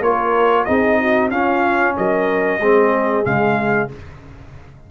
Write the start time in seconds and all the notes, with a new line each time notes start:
0.00 A#3 F4 A#4 C#5
0.64 C4 D#4 G#4 D#5
1.00 F#4
1.30 C#4 F4 F5
1.97 F#3 A#4 D#5
2.59 G#3 C4 G#4
3.24 C#3 G#3 F5